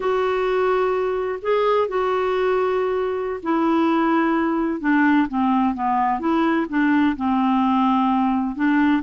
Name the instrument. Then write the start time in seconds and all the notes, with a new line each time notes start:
clarinet
0.00 F#4
1.41 G#4
1.87 F#4
3.42 E4
4.80 D4
5.28 C4
5.74 B3
6.19 E4
6.69 D4
7.16 C4
8.55 D4